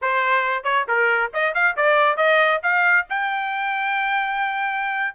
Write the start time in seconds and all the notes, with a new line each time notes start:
0.01 C5
0.63 C#5
0.87 A#4
1.33 D#5
1.54 F5
1.76 D5
2.17 D#5
2.62 F5
3.09 G5